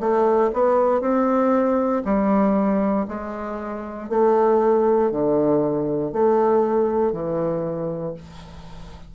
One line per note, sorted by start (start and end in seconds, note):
0.00 0.51 A3
0.53 1.01 B3
1.01 2.02 C4
2.05 3.06 G3
3.08 4.09 G#3
4.09 5.11 A3
5.11 6.12 D3
6.12 7.12 A3
7.12 8.14 E3